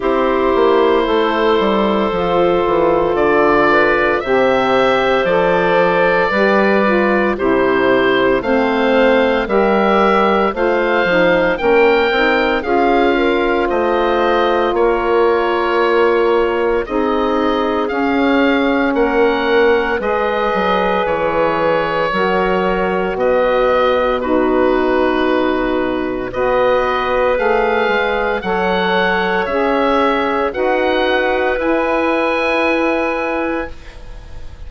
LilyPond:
<<
  \new Staff \with { instrumentName = "oboe" } { \time 4/4 \tempo 4 = 57 c''2. d''4 | e''4 d''2 c''4 | f''4 e''4 f''4 g''4 | f''4 dis''4 cis''2 |
dis''4 f''4 fis''4 dis''4 | cis''2 dis''4 b'4~ | b'4 dis''4 f''4 fis''4 | e''4 fis''4 gis''2 | }
  \new Staff \with { instrumentName = "clarinet" } { \time 4/4 g'4 a'2~ a'8 b'8 | c''2 b'4 g'4 | c''4 ais'4 c''4 ais'4 | gis'8 ais'8 c''4 ais'2 |
gis'2 ais'4 b'4~ | b'4 ais'4 b'4 fis'4~ | fis'4 b'2 cis''4~ | cis''4 b'2. | }
  \new Staff \with { instrumentName = "saxophone" } { \time 4/4 e'2 f'2 | g'4 a'4 g'8 f'8 e'4 | c'4 g'4 f'8 dis'8 cis'8 dis'8 | f'1 |
dis'4 cis'2 gis'4~ | gis'4 fis'2 dis'4~ | dis'4 fis'4 gis'4 a'4 | gis'4 fis'4 e'2 | }
  \new Staff \with { instrumentName = "bassoon" } { \time 4/4 c'8 ais8 a8 g8 f8 e8 d4 | c4 f4 g4 c4 | a4 g4 a8 f8 ais8 c'8 | cis'4 a4 ais2 |
c'4 cis'4 ais4 gis8 fis8 | e4 fis4 b,2~ | b,4 b4 a8 gis8 fis4 | cis'4 dis'4 e'2 | }
>>